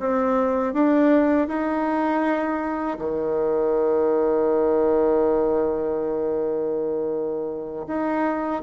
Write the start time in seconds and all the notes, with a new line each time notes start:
0.00 C4
0.74 D4
1.48 D#4
2.99 D#3
7.88 D#4